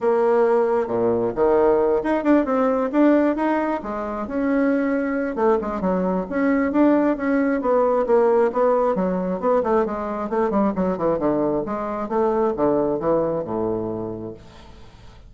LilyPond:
\new Staff \with { instrumentName = "bassoon" } { \time 4/4 \tempo 4 = 134 ais2 ais,4 dis4~ | dis8 dis'8 d'8 c'4 d'4 dis'8~ | dis'8 gis4 cis'2~ cis'8 | a8 gis8 fis4 cis'4 d'4 |
cis'4 b4 ais4 b4 | fis4 b8 a8 gis4 a8 g8 | fis8 e8 d4 gis4 a4 | d4 e4 a,2 | }